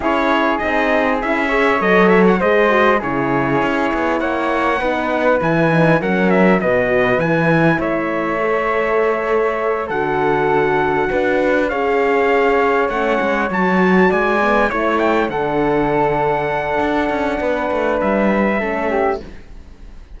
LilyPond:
<<
  \new Staff \with { instrumentName = "trumpet" } { \time 4/4 \tempo 4 = 100 cis''4 dis''4 e''4 dis''8 e''16 fis''16 | dis''4 cis''2 fis''4~ | fis''4 gis''4 fis''8 e''8 dis''4 | gis''4 e''2.~ |
e''8 fis''2. f''8~ | f''4. fis''4 a''4 gis''8~ | gis''8 cis''8 g''8 fis''2~ fis''8~ | fis''2 e''2 | }
  \new Staff \with { instrumentName = "flute" } { \time 4/4 gis'2~ gis'8 cis''4. | c''4 gis'2 cis''4 | b'2 ais'4 b'4~ | b'4 cis''2.~ |
cis''8 a'2 b'4 cis''8~ | cis''2.~ cis''8 d''8~ | d''8 cis''4 a'2~ a'8~ | a'4 b'2 a'8 g'8 | }
  \new Staff \with { instrumentName = "horn" } { \time 4/4 e'4 dis'4 e'8 gis'8 a'4 | gis'8 fis'8 e'2. | dis'4 e'8 dis'8 cis'4 fis'4 | e'2 a'2~ |
a'8 fis'2. gis'8~ | gis'4. cis'4 fis'4. | b8 e'4 d'2~ d'8~ | d'2. cis'4 | }
  \new Staff \with { instrumentName = "cello" } { \time 4/4 cis'4 c'4 cis'4 fis4 | gis4 cis4 cis'8 b8 ais4 | b4 e4 fis4 b,4 | e4 a2.~ |
a8 d2 d'4 cis'8~ | cis'4. a8 gis8 fis4 gis8~ | gis8 a4 d2~ d8 | d'8 cis'8 b8 a8 g4 a4 | }
>>